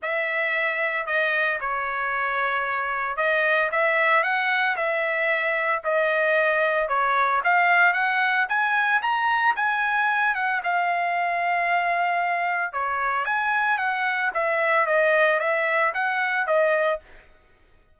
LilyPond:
\new Staff \with { instrumentName = "trumpet" } { \time 4/4 \tempo 4 = 113 e''2 dis''4 cis''4~ | cis''2 dis''4 e''4 | fis''4 e''2 dis''4~ | dis''4 cis''4 f''4 fis''4 |
gis''4 ais''4 gis''4. fis''8 | f''1 | cis''4 gis''4 fis''4 e''4 | dis''4 e''4 fis''4 dis''4 | }